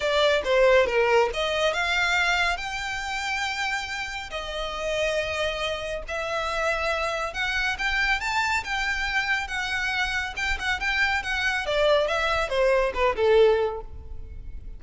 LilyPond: \new Staff \with { instrumentName = "violin" } { \time 4/4 \tempo 4 = 139 d''4 c''4 ais'4 dis''4 | f''2 g''2~ | g''2 dis''2~ | dis''2 e''2~ |
e''4 fis''4 g''4 a''4 | g''2 fis''2 | g''8 fis''8 g''4 fis''4 d''4 | e''4 c''4 b'8 a'4. | }